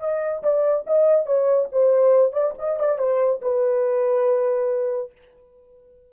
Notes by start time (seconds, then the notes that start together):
0.00 D#5
0.43 D5
0.87 D#5
1.26 C#5
1.72 C5
2.32 D5
2.59 D#5
2.80 D5
2.99 C5
3.42 B4